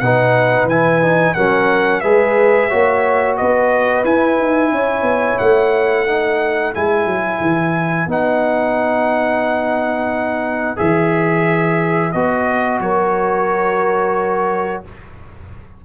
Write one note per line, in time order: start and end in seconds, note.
0.00 0.65 B2
0.00 0.71 D#4
0.00 1.36 B4
0.00 0.67 F#5
0.65 1.33 E3
0.65 1.02 E4
0.65 1.35 G#5
1.02 1.36 D#4
1.35 2.03 F#3
1.35 2.04 C#4
1.35 2.03 A#4
1.35 2.01 F#5
2.01 2.71 G#3
2.01 2.71 G#4
2.01 2.70 B4
2.01 3.36 E5
2.70 3.41 A#3
2.70 4.05 F#4
2.70 3.37 C#5
3.37 4.05 B3
3.37 4.73 B4
3.37 4.04 D#5
4.05 4.38 E4
4.05 6.07 E4
4.05 5.39 G#5
4.38 4.72 D#4
4.72 5.03 C#4
4.72 6.07 C#5
5.03 5.36 B3
5.39 6.76 A3
5.39 6.74 F#5
6.07 6.74 D#4
6.07 12.81 B4
6.74 7.06 G#3
6.74 8.09 E4
6.74 8.10 G#5
7.06 7.40 F#3
7.41 8.07 E3
8.07 10.77 B3
8.07 10.77 D#4
8.07 10.78 F#5
10.77 12.14 E3
10.77 12.12 G#4
10.77 12.12 E5
12.12 12.81 B3
12.12 14.85 F#4
12.12 12.80 D#5
12.81 14.83 F#3
12.81 14.85 A#4
12.81 14.84 C#5